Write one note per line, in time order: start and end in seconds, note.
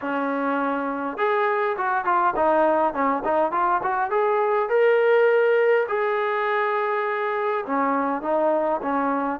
0.01 1.17 C#4
1.17 1.76 G#4
1.77 2.04 F#4
2.04 2.34 F4
2.36 2.93 D#4
2.93 3.22 C#4
3.24 3.51 D#4
3.51 3.81 F4
3.82 4.10 F#4
4.10 4.69 G#4
4.69 5.86 A#4
5.88 7.64 G#4
7.66 8.22 C#4
8.22 8.80 D#4
8.82 9.40 C#4